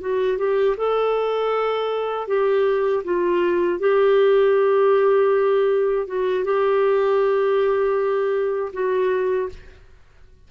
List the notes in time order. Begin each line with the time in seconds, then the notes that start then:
0.00 F#4
0.38 G4
0.77 A4
2.27 G4
3.04 F4
3.79 G4
6.07 F#4
6.44 G4
8.73 F#4